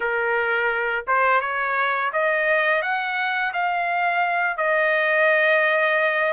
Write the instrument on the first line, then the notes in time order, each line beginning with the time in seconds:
trumpet
0.00 A#4
1.07 C5
1.41 C#5
2.12 D#5
2.81 F#5
3.53 F5
4.57 D#5